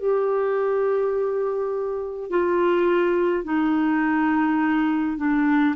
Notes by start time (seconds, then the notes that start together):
0.00 G4
2.30 F4
3.44 D#4
5.18 D4